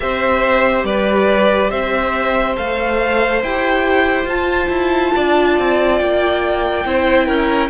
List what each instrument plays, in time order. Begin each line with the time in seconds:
0.00 cello C4, viola G4, violin C5 E5
0.83 cello G3, violin B4 D5
1.70 cello C4, violin C5 E5
2.56 cello A3, viola A4, violin F5
3.42 cello E4, viola G4, violin G5
4.25 cello F4, viola F4, violin A5
4.68 cello E4
5.15 cello D4, violin D5
5.58 cello C4
5.98 cello A#3, violin G5
6.85 cello C4, viola E4, violin C5
7.26 cello C#4, violin A#4